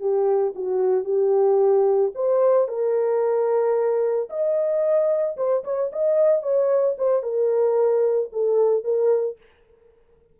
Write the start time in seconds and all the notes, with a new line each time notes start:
0.00 G4
0.55 F#4
1.04 G4
2.15 C5
2.68 A#4
4.30 D#5
5.37 C5
5.64 C#5
5.92 D#5
6.42 C#5
6.98 C5
7.23 A#4
8.33 A4
8.84 A#4